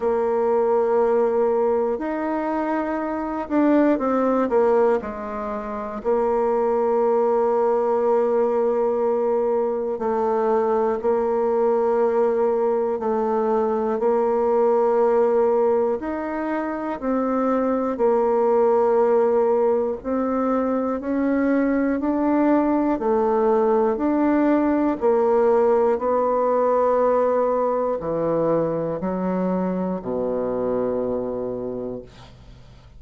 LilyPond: \new Staff \with { instrumentName = "bassoon" } { \time 4/4 \tempo 4 = 60 ais2 dis'4. d'8 | c'8 ais8 gis4 ais2~ | ais2 a4 ais4~ | ais4 a4 ais2 |
dis'4 c'4 ais2 | c'4 cis'4 d'4 a4 | d'4 ais4 b2 | e4 fis4 b,2 | }